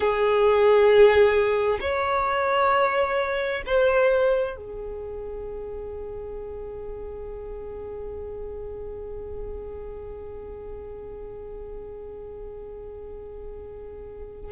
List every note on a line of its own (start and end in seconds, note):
0.00 1.79 G#4
1.80 3.62 C#5
3.66 4.56 C5
4.56 14.52 G#4